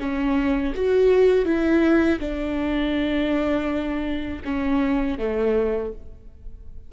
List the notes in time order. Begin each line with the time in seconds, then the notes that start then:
0.00 C#4
0.75 F#4
1.46 E4
2.20 D4
4.45 C#4
5.19 A3